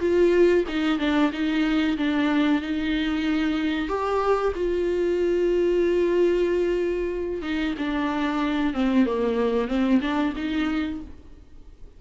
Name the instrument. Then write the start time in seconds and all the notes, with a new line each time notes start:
viola
0.00 F4
0.68 D#4
0.99 D4
1.32 D#4
1.97 D4
2.62 D#4
3.88 G4
4.55 F4
7.42 D#4
7.78 D4
8.73 C4
9.06 A#3
9.68 C4
10.01 D4
10.36 D#4